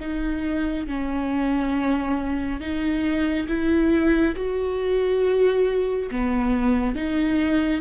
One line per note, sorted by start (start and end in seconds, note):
0.00 0.87 D#4
0.87 2.60 C#4
2.60 3.47 D#4
3.48 4.35 E4
4.36 6.09 F#4
6.11 6.95 B3
6.95 7.81 D#4